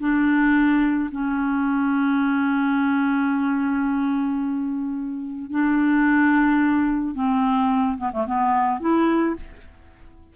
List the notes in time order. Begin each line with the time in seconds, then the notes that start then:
0.00 D4
1.11 C#4
5.51 D4
7.15 C4
7.98 B3
8.13 A3
8.27 B3
8.80 E4